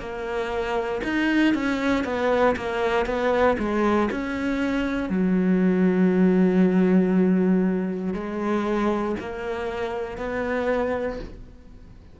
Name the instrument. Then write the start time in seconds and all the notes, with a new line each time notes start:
cello
0.00 A#3
1.04 D#4
1.54 C#4
2.05 B3
2.57 A#3
3.06 B3
3.59 G#3
4.11 C#4
5.10 F#3
8.14 G#3
9.20 A#3
10.18 B3